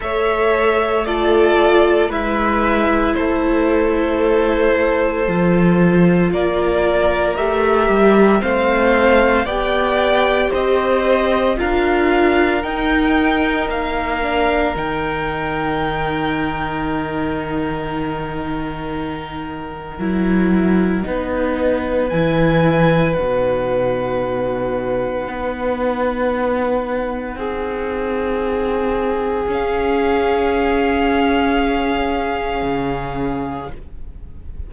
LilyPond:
<<
  \new Staff \with { instrumentName = "violin" } { \time 4/4 \tempo 4 = 57 e''4 d''4 e''4 c''4~ | c''2 d''4 e''4 | f''4 g''4 dis''4 f''4 | g''4 f''4 g''2~ |
g''8 fis''2.~ fis''8~ | fis''4 gis''4 fis''2~ | fis''1 | f''1 | }
  \new Staff \with { instrumentName = "violin" } { \time 4/4 cis''4 a'4 b'4 a'4~ | a'2 ais'2 | c''4 d''4 c''4 ais'4~ | ais'1~ |
ais'1 | b'1~ | b'2 gis'2~ | gis'1 | }
  \new Staff \with { instrumentName = "viola" } { \time 4/4 a'4 f'4 e'2~ | e'4 f'2 g'4 | c'4 g'2 f'4 | dis'4. d'8 dis'2~ |
dis'2. e'4 | dis'4 e'4 dis'2~ | dis'1 | cis'1 | }
  \new Staff \with { instrumentName = "cello" } { \time 4/4 a2 gis4 a4~ | a4 f4 ais4 a8 g8 | a4 b4 c'4 d'4 | dis'4 ais4 dis2~ |
dis2. fis4 | b4 e4 b,2 | b2 c'2 | cis'2. cis4 | }
>>